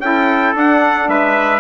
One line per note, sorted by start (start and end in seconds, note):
0.00 0.54 C#4
0.00 0.55 E4
0.00 1.09 A4
0.00 0.54 G5
0.55 1.09 D4
0.55 1.60 D4
0.55 1.09 F#5
1.09 1.60 G#3
1.09 1.60 B4
1.09 1.60 E5